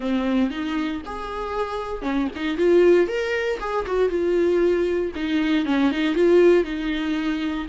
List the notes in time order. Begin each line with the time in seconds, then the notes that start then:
0.00 C4
0.50 D#4
1.05 G#4
2.02 C#4
2.35 D#4
2.57 F4
3.07 A#4
3.60 G#4
3.86 F#4
4.09 F4
5.15 D#4
5.65 C#4
5.91 D#4
6.14 F4
6.64 D#4